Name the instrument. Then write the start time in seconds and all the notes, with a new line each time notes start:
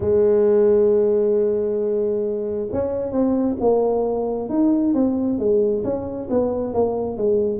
tuba
0.00 G#3
2.72 C#4
3.11 C4
3.60 A#3
4.49 D#4
4.94 C4
5.39 G#3
5.84 C#4
6.30 B3
6.73 A#3
7.16 G#3